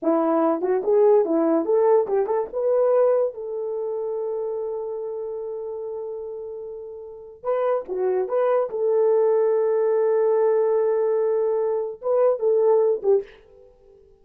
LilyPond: \new Staff \with { instrumentName = "horn" } { \time 4/4 \tempo 4 = 145 e'4. fis'8 gis'4 e'4 | a'4 g'8 a'8 b'2 | a'1~ | a'1~ |
a'2 b'4 fis'4 | b'4 a'2.~ | a'1~ | a'4 b'4 a'4. g'8 | }